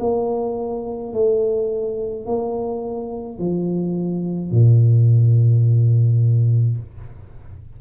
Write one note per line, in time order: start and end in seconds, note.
0.00 1.13 A#3
1.13 2.26 A3
2.26 3.39 A#3
3.39 4.51 F3
4.51 6.78 A#2